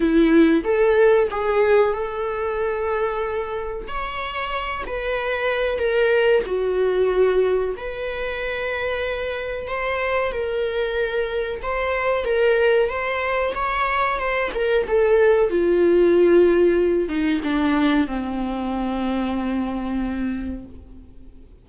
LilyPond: \new Staff \with { instrumentName = "viola" } { \time 4/4 \tempo 4 = 93 e'4 a'4 gis'4 a'4~ | a'2 cis''4. b'8~ | b'4 ais'4 fis'2 | b'2. c''4 |
ais'2 c''4 ais'4 | c''4 cis''4 c''8 ais'8 a'4 | f'2~ f'8 dis'8 d'4 | c'1 | }